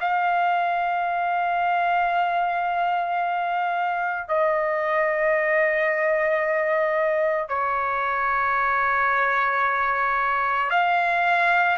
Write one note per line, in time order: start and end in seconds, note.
0.00 4.28 F5
4.28 7.49 D#5
7.49 10.70 C#5
10.70 11.77 F5